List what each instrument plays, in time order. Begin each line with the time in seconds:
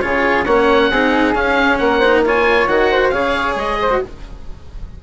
0.00 bassoon C#3, cello F4, flute G#4, oboe C#5
0.45 bassoon A#3, cello C#4, flute C#5, oboe F#5
0.90 bassoon C4, cello D#4, flute G#4
1.34 bassoon C#4, cello C#4, oboe F5
1.78 bassoon A#3, flute A#4, oboe F#5
1.98 flute C5
2.04 cello D#4
2.25 cello F4, flute C#5, oboe G#5
2.67 bassoon D#3, cello F#4, oboe F#5
2.91 flute C5
3.09 bassoon C#3, cello G#4, flute C#5, oboe F5
3.55 bassoon G#3, oboe D#5
3.81 flute C5
3.90 cello F#4